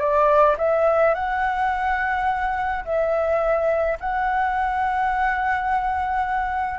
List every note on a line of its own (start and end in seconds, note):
0.00 0.57 D5
0.58 1.15 E5
1.15 2.85 F#5
2.85 3.98 E5
4.01 6.80 F#5